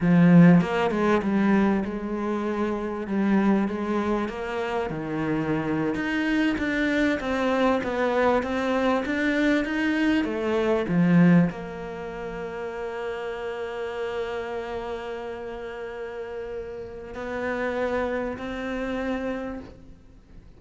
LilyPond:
\new Staff \with { instrumentName = "cello" } { \time 4/4 \tempo 4 = 98 f4 ais8 gis8 g4 gis4~ | gis4 g4 gis4 ais4 | dis4.~ dis16 dis'4 d'4 c'16~ | c'8. b4 c'4 d'4 dis'16~ |
dis'8. a4 f4 ais4~ ais16~ | ais1~ | ais1 | b2 c'2 | }